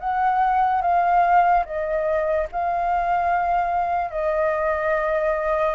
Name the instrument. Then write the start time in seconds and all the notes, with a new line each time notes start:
flute
0.00 F#5
0.82 F5
1.66 D#5
2.53 F5
4.11 D#5